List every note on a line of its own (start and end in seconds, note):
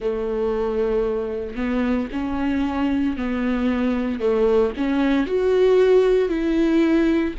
0.00 1.55 A3
1.55 2.08 B3
2.11 3.16 C#4
3.16 4.20 B3
4.20 4.72 A3
4.76 5.26 C#4
5.26 6.29 F#4
6.29 7.34 E4